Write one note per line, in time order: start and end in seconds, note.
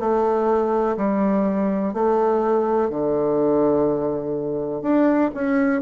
0.00 0.97 A3
0.97 1.94 G3
1.94 2.90 A3
2.90 4.82 D3
4.82 5.30 D4
5.35 5.82 C#4